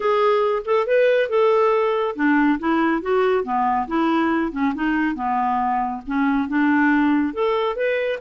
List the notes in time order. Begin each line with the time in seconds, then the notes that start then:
0.00 G#4
0.65 A4
0.86 B4
1.29 A4
2.15 D4
2.59 E4
3.02 F#4
3.44 B3
3.87 E4
4.52 C#4
4.74 D#4
5.15 B3
6.06 C#4
6.48 D4
7.33 A4
7.75 B4